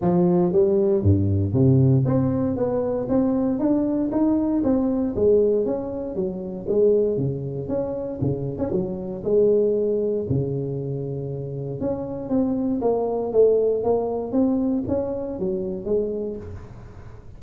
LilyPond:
\new Staff \with { instrumentName = "tuba" } { \time 4/4 \tempo 4 = 117 f4 g4 g,4 c4 | c'4 b4 c'4 d'4 | dis'4 c'4 gis4 cis'4 | fis4 gis4 cis4 cis'4 |
cis8. cis'16 fis4 gis2 | cis2. cis'4 | c'4 ais4 a4 ais4 | c'4 cis'4 fis4 gis4 | }